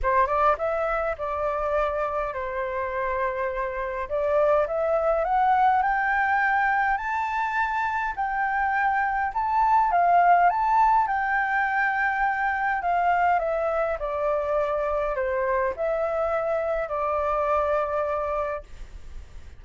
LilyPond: \new Staff \with { instrumentName = "flute" } { \time 4/4 \tempo 4 = 103 c''8 d''8 e''4 d''2 | c''2. d''4 | e''4 fis''4 g''2 | a''2 g''2 |
a''4 f''4 a''4 g''4~ | g''2 f''4 e''4 | d''2 c''4 e''4~ | e''4 d''2. | }